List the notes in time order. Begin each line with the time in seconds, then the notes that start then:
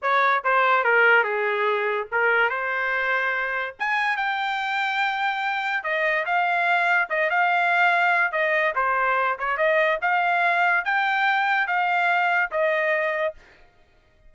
0.02 C#5
0.43 C5
0.83 A#4
1.23 G#4
2.11 A#4
2.49 C5
3.79 G#5
4.17 G5
5.83 D#5
6.25 F5
7.09 D#5
7.30 F5
8.32 D#5
8.75 C5
9.38 C#5
9.57 D#5
10.01 F5
10.84 G5
11.67 F5
12.51 D#5